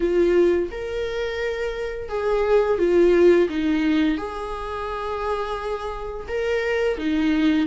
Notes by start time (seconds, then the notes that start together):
0.00 F4
0.71 A#4
2.09 G#4
2.78 F4
3.49 D#4
4.17 G#4
6.28 A#4
6.98 D#4